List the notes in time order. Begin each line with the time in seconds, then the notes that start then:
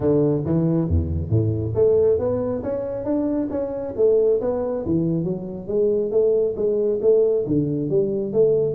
0.00 D3
0.45 E3
0.88 E2
1.29 A2
1.75 A3
2.18 B3
2.63 C#4
3.04 D4
3.50 C#4
3.96 A3
4.41 B3
4.85 E3
5.24 F#3
5.67 G#3
6.11 A3
6.56 G#3
7.01 A3
7.46 D3
7.89 G3
8.33 A3